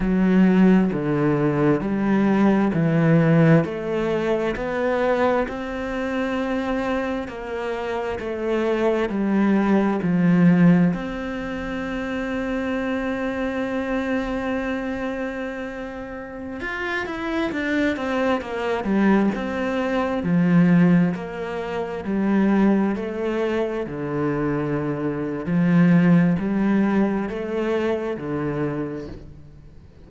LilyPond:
\new Staff \with { instrumentName = "cello" } { \time 4/4 \tempo 4 = 66 fis4 d4 g4 e4 | a4 b4 c'2 | ais4 a4 g4 f4 | c'1~ |
c'2~ c'16 f'8 e'8 d'8 c'16~ | c'16 ais8 g8 c'4 f4 ais8.~ | ais16 g4 a4 d4.~ d16 | f4 g4 a4 d4 | }